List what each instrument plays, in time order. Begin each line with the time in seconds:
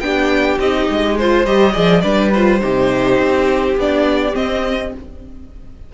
0.00 cello B3, viola D4, violin G4 G5
0.58 cello C4, viola D#4, violin D#5
0.90 cello G#3
1.18 viola F4, violin C5
1.46 cello G3, viola G4, violin D#5
1.73 cello F3, viola G#4, violin D5
2.01 cello G3, viola D4, violin B4 D5
2.33 viola F4, violin C5
2.60 cello C3, viola D#4, violin G4
3.19 cello C4
3.77 cello B3, viola D4, violin D5
4.32 viola C4, cello C4, violin D#5